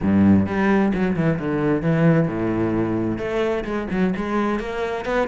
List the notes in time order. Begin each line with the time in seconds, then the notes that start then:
0.02 G2
0.46 G3
0.94 F#3
1.16 E3
1.39 D3
1.82 E3
2.28 A2
3.18 A3
3.64 G#3
3.91 F#3
4.16 G#3
4.59 A#3
5.05 B3